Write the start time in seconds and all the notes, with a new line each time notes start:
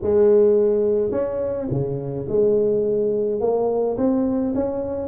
0.02 G#3
1.11 C#4
1.70 C#3
2.28 G#3
3.40 A#3
3.97 C4
4.54 C#4